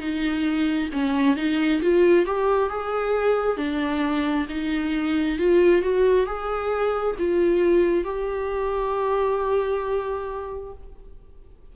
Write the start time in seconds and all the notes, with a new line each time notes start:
0.00 D#4
0.92 C#4
1.36 D#4
1.82 F4
2.26 G4
2.69 G#4
3.57 D4
4.49 D#4
5.39 F4
5.82 F#4
6.26 G#4
7.19 F4
8.04 G4